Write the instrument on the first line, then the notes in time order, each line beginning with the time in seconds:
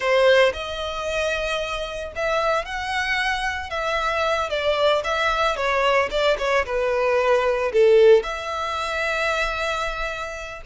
violin
0.00 C5
0.53 D#5
2.15 E5
2.65 F#5
3.70 E5
4.49 D5
5.04 E5
5.56 C#5
6.10 D5
6.38 C#5
6.65 B4
7.72 A4
8.23 E5